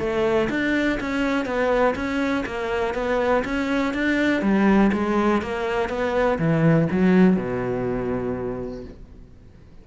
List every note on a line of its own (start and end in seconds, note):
0.00 0.49 A3
0.50 0.99 D4
1.01 1.46 C#4
1.46 1.95 B3
1.96 2.45 C#4
2.46 2.95 A#3
2.95 3.44 B3
3.45 3.94 C#4
3.94 4.42 D4
4.42 4.91 G3
4.93 5.42 G#3
5.42 5.89 A#3
5.89 6.39 B3
6.39 6.89 E3
6.92 7.37 F#3
7.37 8.85 B2